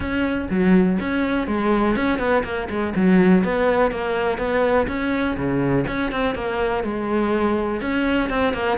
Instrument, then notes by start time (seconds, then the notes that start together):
cello
0.00 C#4
0.50 F#3
1.00 C#4
1.47 G#3
1.95 C#4
2.18 B3
2.44 A#3
2.69 G#3
2.95 F#3
3.43 B3
3.91 A#3
4.38 B3
4.87 C#4
5.36 C#3
5.87 C#4
6.11 C4
6.34 A#3
6.83 G#3
7.81 C#4
8.29 C4
8.53 A#3